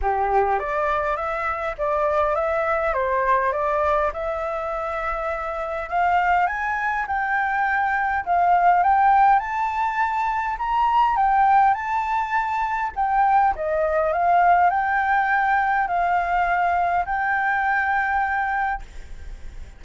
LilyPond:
\new Staff \with { instrumentName = "flute" } { \time 4/4 \tempo 4 = 102 g'4 d''4 e''4 d''4 | e''4 c''4 d''4 e''4~ | e''2 f''4 gis''4 | g''2 f''4 g''4 |
a''2 ais''4 g''4 | a''2 g''4 dis''4 | f''4 g''2 f''4~ | f''4 g''2. | }